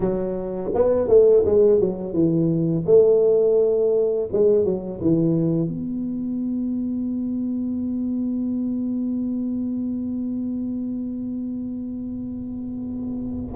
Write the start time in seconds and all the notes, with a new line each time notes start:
0.00 F#3
0.74 B3
1.07 A3
1.44 G#3
1.80 F#3
2.13 E3
2.86 A3
4.32 G#3
4.64 F#3
5.01 E3
5.68 B3